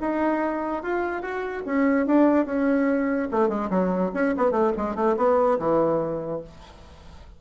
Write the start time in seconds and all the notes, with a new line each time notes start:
0.00 D#4
0.83 F4
1.22 F#4
1.65 C#4
2.06 D4
2.45 C#4
3.31 A3
3.49 G#3
3.70 F#3
4.14 C#4
4.37 B3
4.51 A3
4.77 G#3
4.95 A3
5.17 B3
5.58 E3